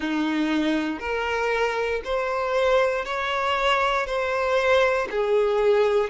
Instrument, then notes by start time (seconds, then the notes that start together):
violin
0.00 D#4
0.99 A#4
2.04 C5
3.05 C#5
4.06 C5
5.10 G#4